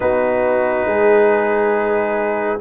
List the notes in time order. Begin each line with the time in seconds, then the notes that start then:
0.00 B3 D#4 F#4 B4
0.85 G#3 G#4